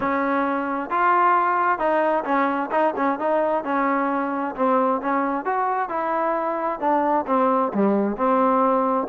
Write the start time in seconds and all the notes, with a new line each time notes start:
0.00 C#4
0.90 F4
1.78 D#4
2.24 C#4
2.71 D#4
2.96 C#4
3.19 D#4
3.64 C#4
4.55 C4
5.01 C#4
5.45 F#4
5.89 E4
6.80 D4
7.26 C4
7.74 G3
8.16 C4